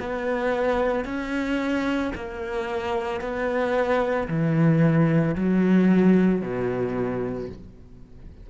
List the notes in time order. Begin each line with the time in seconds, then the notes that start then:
0.00 B3
1.05 C#4
2.16 A#3
3.21 B3
4.29 E3
5.36 F#3
6.42 B2